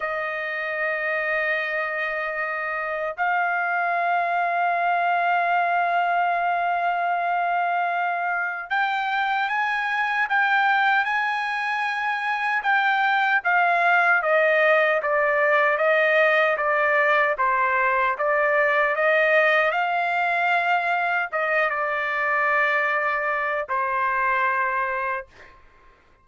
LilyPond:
\new Staff \with { instrumentName = "trumpet" } { \time 4/4 \tempo 4 = 76 dis''1 | f''1~ | f''2. g''4 | gis''4 g''4 gis''2 |
g''4 f''4 dis''4 d''4 | dis''4 d''4 c''4 d''4 | dis''4 f''2 dis''8 d''8~ | d''2 c''2 | }